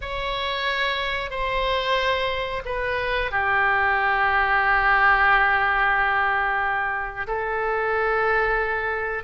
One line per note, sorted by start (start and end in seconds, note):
0.01 1.30 C#5
1.30 2.62 C5
2.65 3.31 B4
3.31 7.26 G4
7.27 9.23 A4